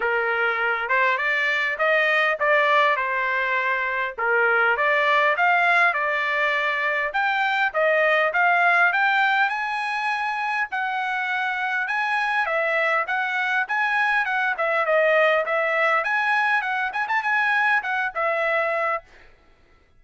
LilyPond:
\new Staff \with { instrumentName = "trumpet" } { \time 4/4 \tempo 4 = 101 ais'4. c''8 d''4 dis''4 | d''4 c''2 ais'4 | d''4 f''4 d''2 | g''4 dis''4 f''4 g''4 |
gis''2 fis''2 | gis''4 e''4 fis''4 gis''4 | fis''8 e''8 dis''4 e''4 gis''4 | fis''8 gis''16 a''16 gis''4 fis''8 e''4. | }